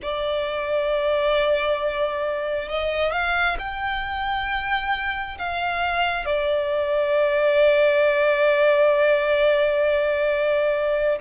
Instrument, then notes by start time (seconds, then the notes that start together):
violin
0.02 D5
2.68 D#5
3.11 F5
3.58 G5
5.38 F5
6.25 D5